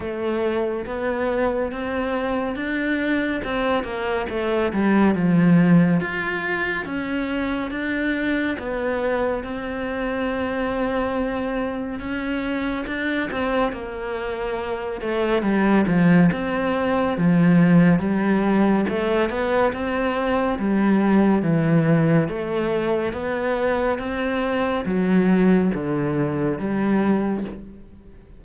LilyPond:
\new Staff \with { instrumentName = "cello" } { \time 4/4 \tempo 4 = 70 a4 b4 c'4 d'4 | c'8 ais8 a8 g8 f4 f'4 | cis'4 d'4 b4 c'4~ | c'2 cis'4 d'8 c'8 |
ais4. a8 g8 f8 c'4 | f4 g4 a8 b8 c'4 | g4 e4 a4 b4 | c'4 fis4 d4 g4 | }